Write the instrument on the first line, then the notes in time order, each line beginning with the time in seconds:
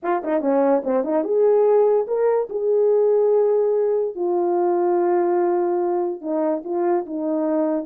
horn
0.02 F4
0.24 D#4
0.40 C#4
0.84 C4
1.03 D#4
1.24 G#4
2.07 A#4
2.49 G#4
4.15 F4
6.21 D#4
6.64 F4
7.06 D#4